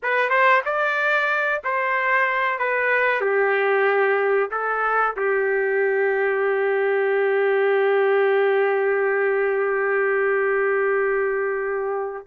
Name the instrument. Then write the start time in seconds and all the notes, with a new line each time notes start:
trumpet
0.02 B4
0.29 C5
0.65 D5
1.63 C5
2.58 B4
3.21 G4
4.50 A4
5.16 G4